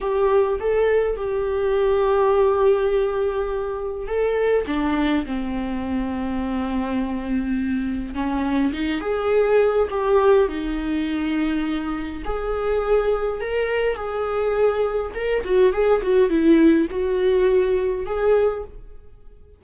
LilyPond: \new Staff \with { instrumentName = "viola" } { \time 4/4 \tempo 4 = 103 g'4 a'4 g'2~ | g'2. a'4 | d'4 c'2.~ | c'2 cis'4 dis'8 gis'8~ |
gis'4 g'4 dis'2~ | dis'4 gis'2 ais'4 | gis'2 ais'8 fis'8 gis'8 fis'8 | e'4 fis'2 gis'4 | }